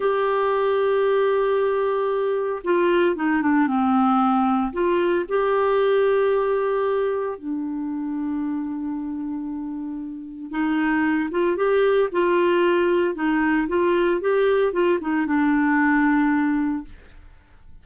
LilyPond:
\new Staff \with { instrumentName = "clarinet" } { \time 4/4 \tempo 4 = 114 g'1~ | g'4 f'4 dis'8 d'8 c'4~ | c'4 f'4 g'2~ | g'2 d'2~ |
d'1 | dis'4. f'8 g'4 f'4~ | f'4 dis'4 f'4 g'4 | f'8 dis'8 d'2. | }